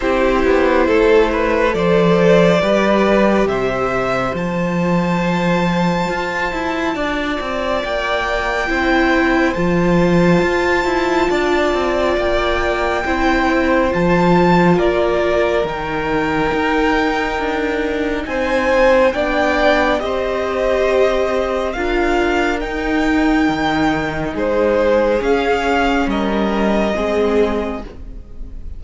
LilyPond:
<<
  \new Staff \with { instrumentName = "violin" } { \time 4/4 \tempo 4 = 69 c''2 d''2 | e''4 a''2.~ | a''4 g''2 a''4~ | a''2 g''2 |
a''4 d''4 g''2~ | g''4 gis''4 g''4 dis''4~ | dis''4 f''4 g''2 | c''4 f''4 dis''2 | }
  \new Staff \with { instrumentName = "violin" } { \time 4/4 g'4 a'8 b'8 c''4 b'4 | c''1 | d''2 c''2~ | c''4 d''2 c''4~ |
c''4 ais'2.~ | ais'4 c''4 d''4 c''4~ | c''4 ais'2. | gis'2 ais'4 gis'4 | }
  \new Staff \with { instrumentName = "viola" } { \time 4/4 e'2 a'4 g'4~ | g'4 f'2.~ | f'2 e'4 f'4~ | f'2. e'4 |
f'2 dis'2~ | dis'2 d'4 g'4~ | g'4 f'4 dis'2~ | dis'4 cis'2 c'4 | }
  \new Staff \with { instrumentName = "cello" } { \time 4/4 c'8 b8 a4 f4 g4 | c4 f2 f'8 e'8 | d'8 c'8 ais4 c'4 f4 | f'8 e'8 d'8 c'8 ais4 c'4 |
f4 ais4 dis4 dis'4 | d'4 c'4 b4 c'4~ | c'4 d'4 dis'4 dis4 | gis4 cis'4 g4 gis4 | }
>>